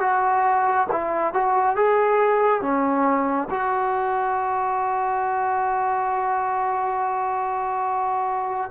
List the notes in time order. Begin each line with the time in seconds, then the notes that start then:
0.00 F#4
0.91 E4
1.33 F#4
1.76 G#4
2.61 C#4
3.50 F#4